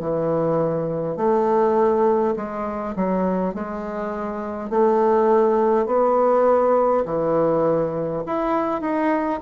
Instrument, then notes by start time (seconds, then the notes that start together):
bassoon
0.00 E3
1.17 A3
2.36 G#3
2.96 F#3
3.55 G#3
4.70 A3
5.87 B3
7.05 E3
8.27 E4
8.81 D#4